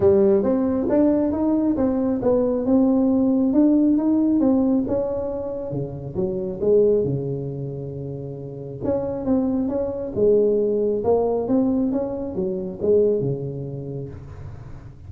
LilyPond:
\new Staff \with { instrumentName = "tuba" } { \time 4/4 \tempo 4 = 136 g4 c'4 d'4 dis'4 | c'4 b4 c'2 | d'4 dis'4 c'4 cis'4~ | cis'4 cis4 fis4 gis4 |
cis1 | cis'4 c'4 cis'4 gis4~ | gis4 ais4 c'4 cis'4 | fis4 gis4 cis2 | }